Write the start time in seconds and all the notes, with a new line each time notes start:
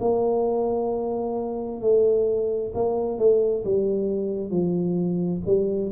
0.00 A#3
1.81 A3
2.74 A#3
3.18 A3
3.64 G3
4.50 F3
5.46 G3